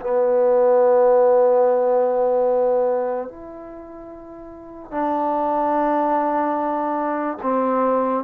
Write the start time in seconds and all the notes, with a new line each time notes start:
0.00 B3
3.28 E4
4.91 D4
7.42 C4